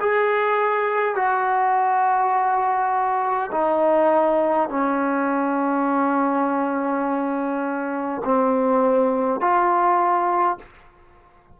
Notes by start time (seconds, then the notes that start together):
0.00 G#4
1.15 F#4
3.52 D#4
4.69 C#4
8.24 C4
9.40 F4